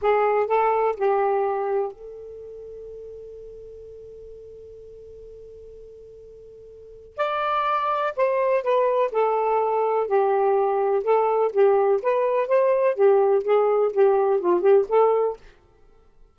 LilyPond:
\new Staff \with { instrumentName = "saxophone" } { \time 4/4 \tempo 4 = 125 gis'4 a'4 g'2 | a'1~ | a'1~ | a'2. d''4~ |
d''4 c''4 b'4 a'4~ | a'4 g'2 a'4 | g'4 b'4 c''4 g'4 | gis'4 g'4 f'8 g'8 a'4 | }